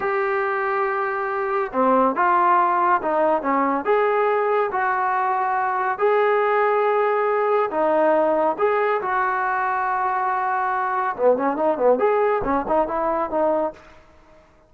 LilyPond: \new Staff \with { instrumentName = "trombone" } { \time 4/4 \tempo 4 = 140 g'1 | c'4 f'2 dis'4 | cis'4 gis'2 fis'4~ | fis'2 gis'2~ |
gis'2 dis'2 | gis'4 fis'2.~ | fis'2 b8 cis'8 dis'8 b8 | gis'4 cis'8 dis'8 e'4 dis'4 | }